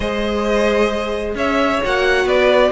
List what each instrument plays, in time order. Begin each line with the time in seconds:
0.00 cello G#3, viola G#4, violin C5 D#5
1.34 cello C#4, violin C#5 E5
1.83 cello A#3, viola F#4, violin F#5
2.25 cello B3, violin B4 D5